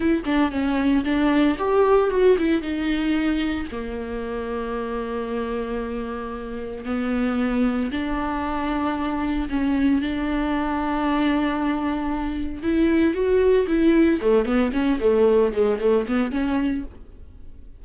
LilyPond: \new Staff \with { instrumentName = "viola" } { \time 4/4 \tempo 4 = 114 e'8 d'8 cis'4 d'4 g'4 | fis'8 e'8 dis'2 ais4~ | ais1~ | ais4 b2 d'4~ |
d'2 cis'4 d'4~ | d'1 | e'4 fis'4 e'4 a8 b8 | cis'8 a4 gis8 a8 b8 cis'4 | }